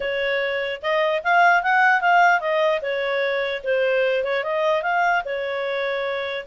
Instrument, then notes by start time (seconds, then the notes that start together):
clarinet
0.00 C#5
0.82 D#5
1.23 F5
1.62 F#5
2.01 F5
2.40 D#5
2.81 C#5
3.63 C5
4.23 C#5
4.43 D#5
4.82 F5
5.25 C#5